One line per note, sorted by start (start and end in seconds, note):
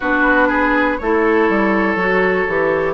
0.00 0.99 B3
0.00 1.00 D4
0.00 0.48 F#4
0.00 0.98 B4
0.48 0.97 G#4
0.98 1.49 A3
0.98 1.99 E4
0.98 2.94 A4
0.98 2.94 C#5
1.49 1.95 G3
1.95 2.45 F#3
1.95 2.47 F#4
2.47 2.94 E3
2.47 2.94 G4